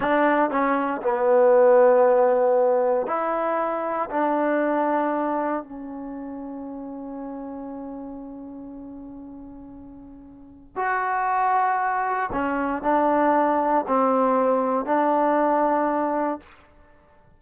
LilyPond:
\new Staff \with { instrumentName = "trombone" } { \time 4/4 \tempo 4 = 117 d'4 cis'4 b2~ | b2 e'2 | d'2. cis'4~ | cis'1~ |
cis'1~ | cis'4 fis'2. | cis'4 d'2 c'4~ | c'4 d'2. | }